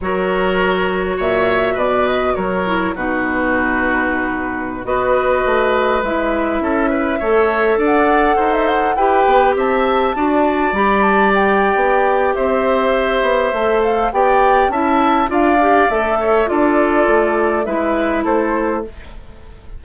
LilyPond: <<
  \new Staff \with { instrumentName = "flute" } { \time 4/4 \tempo 4 = 102 cis''2 e''4 d''8 dis''8 | cis''4 b'2.~ | b'16 dis''2 e''4.~ e''16~ | e''4~ e''16 fis''4~ fis''16 e''16 fis''8 g''8.~ |
g''16 a''2 b''8 a''8 g''8.~ | g''4 e''2~ e''8 f''8 | g''4 a''4 f''4 e''4 | d''2 e''4 c''4 | }
  \new Staff \with { instrumentName = "oboe" } { \time 4/4 ais'2 cis''4 b'4 | ais'4 fis'2.~ | fis'16 b'2. a'8 b'16~ | b'16 cis''4 d''4 c''4 b'8.~ |
b'16 e''4 d''2~ d''8.~ | d''4 c''2. | d''4 e''4 d''4. cis''8 | a'2 b'4 a'4 | }
  \new Staff \with { instrumentName = "clarinet" } { \time 4/4 fis'1~ | fis'8 e'8 dis'2.~ | dis'16 fis'2 e'4.~ e'16~ | e'16 a'2. g'8.~ |
g'4~ g'16 fis'4 g'4.~ g'16~ | g'2. a'4 | g'4 e'4 f'8 g'8 a'4 | f'2 e'2 | }
  \new Staff \with { instrumentName = "bassoon" } { \time 4/4 fis2 ais,4 b,4 | fis4 b,2.~ | b,16 b4 a4 gis4 cis'8.~ | cis'16 a4 d'4 dis'4 e'8 b16~ |
b16 c'4 d'4 g4.~ g16 | b4 c'4. b8 a4 | b4 cis'4 d'4 a4 | d'4 a4 gis4 a4 | }
>>